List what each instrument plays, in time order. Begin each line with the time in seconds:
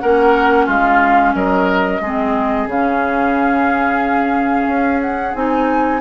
0.00 bassoon A#3, clarinet C#4, oboe A#4, flute F#5
0.66 bassoon G#3, oboe F4, flute F5
1.35 bassoon F#3, oboe A#4, flute D#5
2.01 bassoon G#3, clarinet C4, oboe G#4
2.67 bassoon C#3, clarinet C#4, flute F5
4.67 bassoon C#4
5.01 flute F#5
5.35 bassoon C4, clarinet D#4, flute G#5